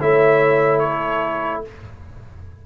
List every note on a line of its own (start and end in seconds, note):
0.00 1.66 A3
0.00 1.65 E4
0.00 0.82 C#5
0.00 0.79 E5
0.79 1.64 A4
0.79 1.61 C#5